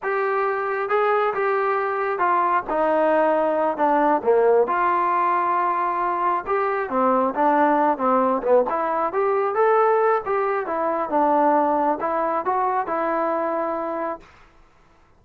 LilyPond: \new Staff \with { instrumentName = "trombone" } { \time 4/4 \tempo 4 = 135 g'2 gis'4 g'4~ | g'4 f'4 dis'2~ | dis'8 d'4 ais4 f'4.~ | f'2~ f'8 g'4 c'8~ |
c'8 d'4. c'4 b8 e'8~ | e'8 g'4 a'4. g'4 | e'4 d'2 e'4 | fis'4 e'2. | }